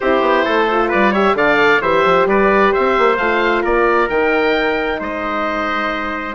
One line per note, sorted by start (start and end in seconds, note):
0.00 0.21 C4
0.00 0.70 E4
0.00 0.44 G4
0.00 0.90 C5
0.21 0.43 B3
0.44 0.92 A3
0.44 0.88 A4
0.71 1.13 F4
0.88 1.34 G3
0.88 1.11 B4
0.88 1.13 D5
1.11 1.34 G4
1.11 1.34 C#5
1.11 1.36 E5
1.34 1.79 D3
1.34 1.80 A4
1.34 1.81 D5
1.34 1.82 F5
1.81 2.04 E3
1.81 3.18 G4
1.81 2.27 C5
1.81 2.27 E5
2.04 2.26 F3
2.26 2.71 G3
2.26 2.72 B4
2.26 2.74 D5
2.72 2.97 C4
2.72 3.62 C5
2.72 3.16 E5
2.97 3.18 A#3
3.16 3.63 A3
3.16 4.11 F4
3.16 3.62 F5
3.62 4.09 A#3
3.62 4.98 A#4
3.62 4.09 D5
4.09 4.99 D#3
4.09 6.35 D#4
4.09 5.00 G5
4.99 6.35 G#3
4.99 6.35 C5
4.99 6.35 D#5